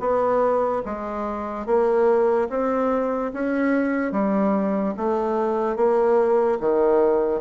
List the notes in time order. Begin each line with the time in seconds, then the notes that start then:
0.00 B3
0.85 G#3
1.66 A#3
2.50 C4
3.34 C#4
4.12 G3
4.97 A3
5.76 A#3
6.60 D#3